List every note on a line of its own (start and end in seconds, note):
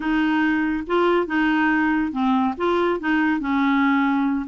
0.00 0.84 D#4
0.86 1.27 F4
1.27 2.12 D#4
2.12 2.54 C4
2.57 2.99 F4
3.00 3.39 D#4
3.39 4.46 C#4